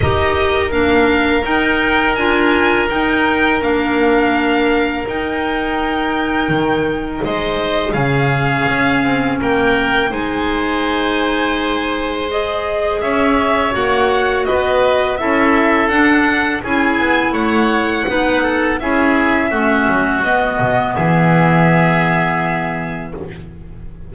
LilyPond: <<
  \new Staff \with { instrumentName = "violin" } { \time 4/4 \tempo 4 = 83 dis''4 f''4 g''4 gis''4 | g''4 f''2 g''4~ | g''2 dis''4 f''4~ | f''4 g''4 gis''2~ |
gis''4 dis''4 e''4 fis''4 | dis''4 e''4 fis''4 gis''4 | fis''2 e''2 | dis''4 e''2. | }
  \new Staff \with { instrumentName = "oboe" } { \time 4/4 ais'1~ | ais'1~ | ais'2 c''4 gis'4~ | gis'4 ais'4 c''2~ |
c''2 cis''2 | b'4 a'2 gis'4 | cis''4 b'8 a'8 gis'4 fis'4~ | fis'4 gis'2. | }
  \new Staff \with { instrumentName = "clarinet" } { \time 4/4 g'4 d'4 dis'4 f'4 | dis'4 d'2 dis'4~ | dis'2. cis'4~ | cis'2 dis'2~ |
dis'4 gis'2 fis'4~ | fis'4 e'4 d'4 e'4~ | e'4 dis'4 e'4 cis'4 | b1 | }
  \new Staff \with { instrumentName = "double bass" } { \time 4/4 dis'4 ais4 dis'4 d'4 | dis'4 ais2 dis'4~ | dis'4 dis4 gis4 cis4 | cis'8 c'8 ais4 gis2~ |
gis2 cis'4 ais4 | b4 cis'4 d'4 cis'8 b8 | a4 b4 cis'4 a8 fis8 | b8 b,8 e2. | }
>>